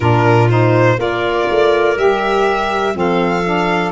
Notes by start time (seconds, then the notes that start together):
0.00 A#2 D4 F4 A#4
0.49 D#4 C5
0.97 A#3 F4 A#4 D5
1.49 A3
1.96 G3 G4 E5
2.93 F3 C4 A4 F5
3.44 D4